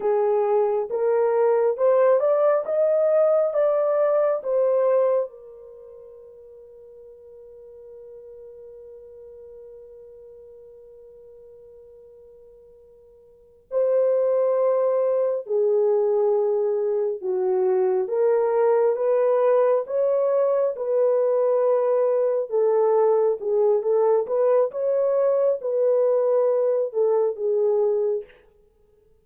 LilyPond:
\new Staff \with { instrumentName = "horn" } { \time 4/4 \tempo 4 = 68 gis'4 ais'4 c''8 d''8 dis''4 | d''4 c''4 ais'2~ | ais'1~ | ais'2.~ ais'8 c''8~ |
c''4. gis'2 fis'8~ | fis'8 ais'4 b'4 cis''4 b'8~ | b'4. a'4 gis'8 a'8 b'8 | cis''4 b'4. a'8 gis'4 | }